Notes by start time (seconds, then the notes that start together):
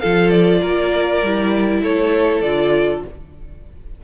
0.00 F3 F4 A4 F5
0.30 D5
0.60 A#3 A#4
1.22 G3 E4
1.82 A3 A4 C#5
2.41 D3 F4 D5